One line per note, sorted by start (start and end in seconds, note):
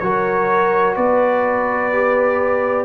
0.00 0.97 F#3
0.00 1.93 F#4
0.00 0.97 A#4
0.00 0.95 C#5
0.96 2.86 B3
0.96 2.86 B4
0.96 2.86 D5
1.93 2.86 G4